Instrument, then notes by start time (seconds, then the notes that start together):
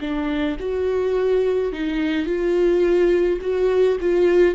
viola
0.00 D4
0.60 F#4
1.72 D#4
2.25 F4
3.41 F#4
4.00 F4